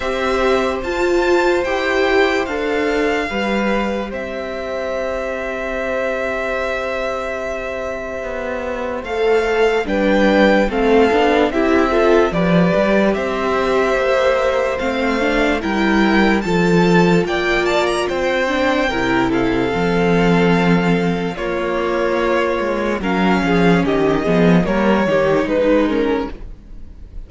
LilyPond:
<<
  \new Staff \with { instrumentName = "violin" } { \time 4/4 \tempo 4 = 73 e''4 a''4 g''4 f''4~ | f''4 e''2.~ | e''2. f''4 | g''4 f''4 e''4 d''4 |
e''2 f''4 g''4 | a''4 g''8 a''16 ais''16 g''4. f''8~ | f''2 cis''2 | f''4 dis''4 cis''4 b'8 ais'8 | }
  \new Staff \with { instrumentName = "violin" } { \time 4/4 c''1 | b'4 c''2.~ | c''1 | b'4 a'4 g'8 a'8 b'4 |
c''2. ais'4 | a'4 d''4 c''4 ais'8 a'8~ | a'2 f'2 | ais'8 gis'8 g'8 gis'8 ais'8 g'8 dis'4 | }
  \new Staff \with { instrumentName = "viola" } { \time 4/4 g'4 f'4 g'4 a'4 | g'1~ | g'2. a'4 | d'4 c'8 d'8 e'8 f'8 g'4~ |
g'2 c'8 d'8 e'4 | f'2~ f'8 d'8 e'4 | c'2 ais2 | cis'4. b8 ais8 dis'4 cis'8 | }
  \new Staff \with { instrumentName = "cello" } { \time 4/4 c'4 f'4 e'4 d'4 | g4 c'2.~ | c'2 b4 a4 | g4 a8 b8 c'4 f8 g8 |
c'4 ais4 a4 g4 | f4 ais4 c'4 c4 | f2 ais4. gis8 | fis8 f8 dis8 f8 g8 dis8 gis4 | }
>>